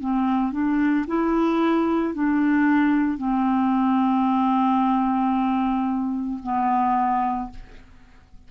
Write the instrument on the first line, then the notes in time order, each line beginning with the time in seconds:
clarinet
0.00 C4
0.52 D4
1.07 E4
2.13 D4
3.18 C4
6.42 B3